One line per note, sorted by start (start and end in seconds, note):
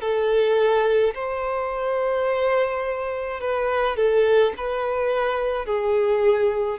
0.00 1.13 A4
1.14 3.40 C5
3.40 3.96 B4
3.96 4.53 A4
4.56 5.66 B4
5.66 6.78 G#4